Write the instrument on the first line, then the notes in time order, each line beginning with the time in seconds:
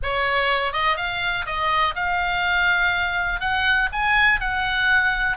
oboe
0.02 C#5
0.73 D#5
0.96 F5
1.46 D#5
1.95 F5
3.40 F#5
3.92 G#5
4.40 F#5